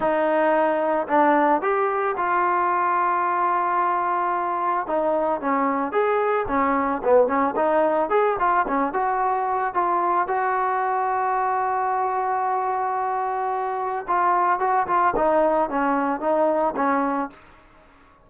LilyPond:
\new Staff \with { instrumentName = "trombone" } { \time 4/4 \tempo 4 = 111 dis'2 d'4 g'4 | f'1~ | f'4 dis'4 cis'4 gis'4 | cis'4 b8 cis'8 dis'4 gis'8 f'8 |
cis'8 fis'4. f'4 fis'4~ | fis'1~ | fis'2 f'4 fis'8 f'8 | dis'4 cis'4 dis'4 cis'4 | }